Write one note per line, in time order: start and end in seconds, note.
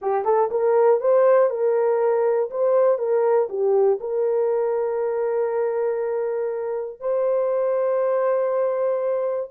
0.01 0.25 G4
0.25 0.50 A4
0.50 1.00 A#4
1.00 1.50 C5
1.50 2.50 A#4
2.50 2.98 C5
2.98 3.48 A#4
3.49 3.99 G4
4.00 7.00 A#4
7.00 9.50 C5